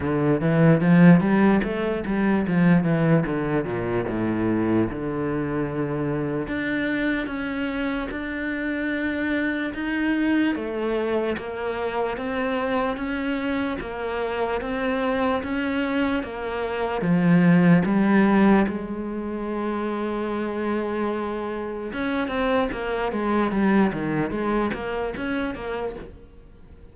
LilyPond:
\new Staff \with { instrumentName = "cello" } { \time 4/4 \tempo 4 = 74 d8 e8 f8 g8 a8 g8 f8 e8 | d8 ais,8 a,4 d2 | d'4 cis'4 d'2 | dis'4 a4 ais4 c'4 |
cis'4 ais4 c'4 cis'4 | ais4 f4 g4 gis4~ | gis2. cis'8 c'8 | ais8 gis8 g8 dis8 gis8 ais8 cis'8 ais8 | }